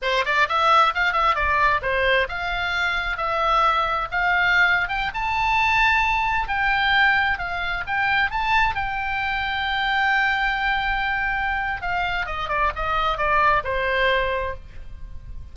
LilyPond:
\new Staff \with { instrumentName = "oboe" } { \time 4/4 \tempo 4 = 132 c''8 d''8 e''4 f''8 e''8 d''4 | c''4 f''2 e''4~ | e''4 f''4.~ f''16 g''8 a''8.~ | a''2~ a''16 g''4.~ g''16~ |
g''16 f''4 g''4 a''4 g''8.~ | g''1~ | g''2 f''4 dis''8 d''8 | dis''4 d''4 c''2 | }